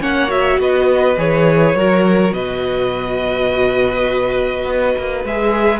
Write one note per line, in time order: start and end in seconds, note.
0.00 0.59 A#3
0.00 0.28 C#4
0.00 0.59 C#5
0.00 0.30 F#5
0.28 1.15 F#4
0.28 0.59 E5
0.59 1.17 B3
0.59 1.76 B4
0.59 1.19 D#5
1.17 1.75 E3
1.17 1.75 G#4
1.17 2.33 C#5
1.75 2.33 F#3
1.75 5.26 F#4
1.75 2.34 A#4
2.33 4.65 B2
2.33 5.79 B4
2.33 5.25 D#5
4.65 4.94 B3
4.98 5.24 A#3
5.24 5.79 G#3
5.24 5.79 G#4
5.24 5.79 E5